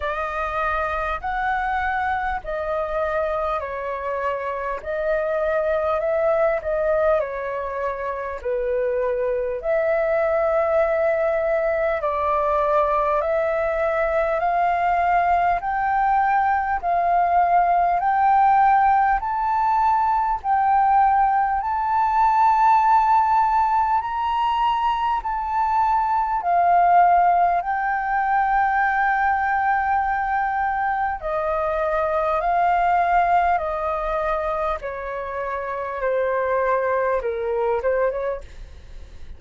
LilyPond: \new Staff \with { instrumentName = "flute" } { \time 4/4 \tempo 4 = 50 dis''4 fis''4 dis''4 cis''4 | dis''4 e''8 dis''8 cis''4 b'4 | e''2 d''4 e''4 | f''4 g''4 f''4 g''4 |
a''4 g''4 a''2 | ais''4 a''4 f''4 g''4~ | g''2 dis''4 f''4 | dis''4 cis''4 c''4 ais'8 c''16 cis''16 | }